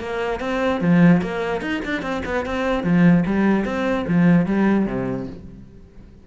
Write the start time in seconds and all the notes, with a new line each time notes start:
0.00 A#3
0.40 C4
0.81 F3
1.22 A#3
1.61 D#4
1.85 D4
2.02 C4
2.25 B3
2.46 C4
2.83 F3
3.26 G3
3.65 C4
4.08 F3
4.46 G3
4.86 C3